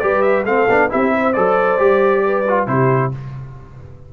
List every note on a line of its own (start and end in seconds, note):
0.00 0.45 G3
0.00 0.46 G4
0.00 0.47 B4
0.00 0.22 D5
0.22 0.44 E5
0.45 0.67 A3
0.45 0.69 C4
0.45 0.91 A4
0.45 0.91 F5
0.69 0.91 B3
0.69 0.90 D4
0.90 1.37 C4
0.90 1.35 E4
0.90 1.14 G4
0.90 1.33 E5
1.14 2.25 C5
1.33 1.80 F#3
1.33 1.79 A4
1.33 2.67 D5
1.79 2.67 G3
1.79 2.45 G4
2.26 2.69 B4
2.48 2.68 F4
2.67 3.12 C3
2.67 3.12 E4
2.67 3.13 G4
2.67 3.12 C5